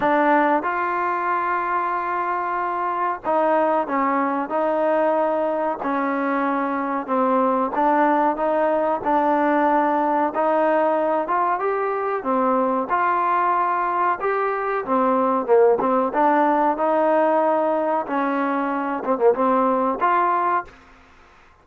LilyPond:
\new Staff \with { instrumentName = "trombone" } { \time 4/4 \tempo 4 = 93 d'4 f'2.~ | f'4 dis'4 cis'4 dis'4~ | dis'4 cis'2 c'4 | d'4 dis'4 d'2 |
dis'4. f'8 g'4 c'4 | f'2 g'4 c'4 | ais8 c'8 d'4 dis'2 | cis'4. c'16 ais16 c'4 f'4 | }